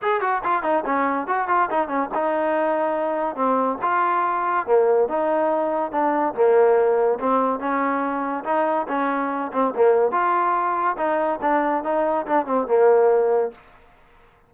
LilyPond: \new Staff \with { instrumentName = "trombone" } { \time 4/4 \tempo 4 = 142 gis'8 fis'8 f'8 dis'8 cis'4 fis'8 f'8 | dis'8 cis'8 dis'2. | c'4 f'2 ais4 | dis'2 d'4 ais4~ |
ais4 c'4 cis'2 | dis'4 cis'4. c'8 ais4 | f'2 dis'4 d'4 | dis'4 d'8 c'8 ais2 | }